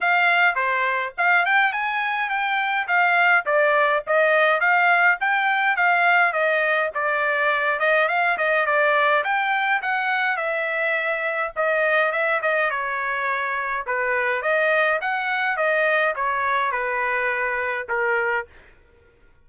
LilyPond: \new Staff \with { instrumentName = "trumpet" } { \time 4/4 \tempo 4 = 104 f''4 c''4 f''8 g''8 gis''4 | g''4 f''4 d''4 dis''4 | f''4 g''4 f''4 dis''4 | d''4. dis''8 f''8 dis''8 d''4 |
g''4 fis''4 e''2 | dis''4 e''8 dis''8 cis''2 | b'4 dis''4 fis''4 dis''4 | cis''4 b'2 ais'4 | }